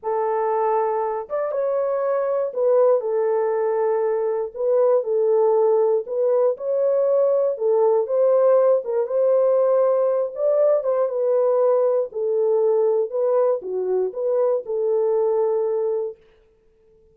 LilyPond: \new Staff \with { instrumentName = "horn" } { \time 4/4 \tempo 4 = 119 a'2~ a'8 d''8 cis''4~ | cis''4 b'4 a'2~ | a'4 b'4 a'2 | b'4 cis''2 a'4 |
c''4. ais'8 c''2~ | c''8 d''4 c''8 b'2 | a'2 b'4 fis'4 | b'4 a'2. | }